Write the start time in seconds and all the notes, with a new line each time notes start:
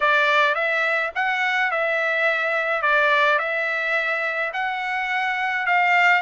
0.00 D5
0.54 E5
1.15 F#5
1.71 E5
2.81 D5
3.38 E5
4.53 F#5
5.66 F5